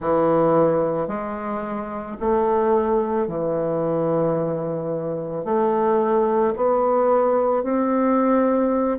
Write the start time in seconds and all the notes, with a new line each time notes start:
0.00 E3
1.07 G#3
2.20 A3
3.27 E3
5.44 A3
6.56 B3
7.63 C4